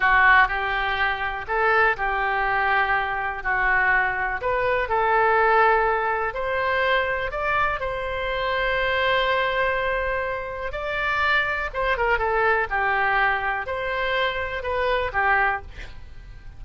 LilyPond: \new Staff \with { instrumentName = "oboe" } { \time 4/4 \tempo 4 = 123 fis'4 g'2 a'4 | g'2. fis'4~ | fis'4 b'4 a'2~ | a'4 c''2 d''4 |
c''1~ | c''2 d''2 | c''8 ais'8 a'4 g'2 | c''2 b'4 g'4 | }